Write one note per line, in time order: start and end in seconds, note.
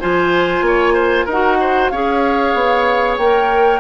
0.00 0.61 F3
0.00 1.28 F4
0.00 0.65 C5
0.00 1.28 G#5
0.61 1.25 A#3
0.61 0.94 C#5
0.94 1.25 C5
1.25 1.91 D#4
1.25 1.57 A#4
1.25 1.89 F#5
1.32 1.93 F#4
1.60 1.92 C5
1.89 2.54 C#4
1.89 3.20 G#4
1.89 3.80 C#5
1.89 3.17 F5
2.54 3.18 B3
3.17 3.80 A#3
3.17 3.80 A#4
3.17 3.80 G5